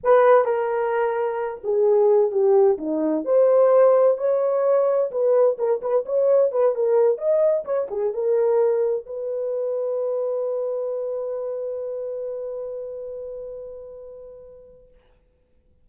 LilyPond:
\new Staff \with { instrumentName = "horn" } { \time 4/4 \tempo 4 = 129 b'4 ais'2~ ais'8 gis'8~ | gis'4 g'4 dis'4 c''4~ | c''4 cis''2 b'4 | ais'8 b'8 cis''4 b'8 ais'4 dis''8~ |
dis''8 cis''8 gis'8 ais'2 b'8~ | b'1~ | b'1~ | b'1 | }